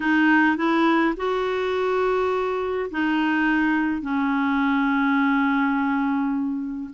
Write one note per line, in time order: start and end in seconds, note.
0.00 0.56 D#4
0.56 1.14 E4
1.16 2.90 F#4
2.90 4.01 D#4
4.01 6.89 C#4